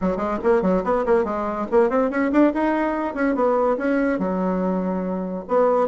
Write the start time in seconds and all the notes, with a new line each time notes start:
0.01 F#3
0.16 G#3
0.43 A#3
0.62 F#3
0.84 B3
1.05 A#3
1.24 G#3
1.71 A#3
1.89 C4
2.10 C#4
2.32 D4
2.53 D#4
3.14 C#4
3.35 B3
3.77 C#4
4.18 F#3
5.48 B3